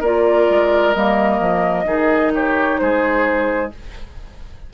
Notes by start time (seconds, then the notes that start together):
0.00 A#3 F4 A#4 D5
0.49 G#3
0.94 G3 A#3 D#5
1.40 F3
1.85 D#3 D#4 G#4
2.34 G4 C#5
2.79 G#3 G#4 C5